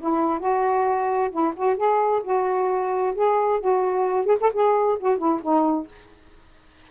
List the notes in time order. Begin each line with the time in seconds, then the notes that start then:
0.00 E4
0.39 F#4
1.31 E4
1.56 F#4
1.76 G#4
2.23 F#4
3.15 G#4
3.60 F#4
4.26 G#4
4.40 A4
4.53 G#4
4.99 F#4
5.18 E4
5.42 D#4